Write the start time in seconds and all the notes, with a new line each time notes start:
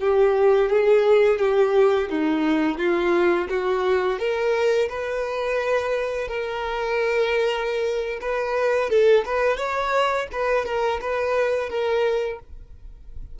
0.00 G4
0.69 G#4
1.39 G4
2.10 D#4
2.77 F4
3.49 F#4
4.19 A#4
4.89 B4
6.27 A#4
8.21 B4
8.90 A4
9.25 B4
9.57 C#5
10.32 B4
10.65 A#4
11.01 B4
11.69 A#4